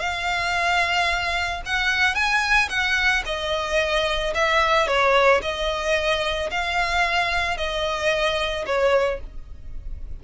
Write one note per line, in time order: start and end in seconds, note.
0.00 1.62 F5
1.66 2.15 F#5
2.15 2.69 G#5
2.70 3.24 F#5
3.26 4.34 D#5
4.35 4.88 E5
4.88 5.42 C#5
5.43 6.51 D#5
6.51 7.57 F5
7.57 8.66 D#5
8.66 9.20 C#5